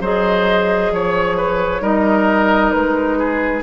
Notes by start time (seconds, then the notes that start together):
0.00 F#3 G#4 C5 D#5
0.91 F3 C#5
1.37 B4
1.81 G3 D#4 A#4 D#5
2.71 G#3 B4
3.18 G#4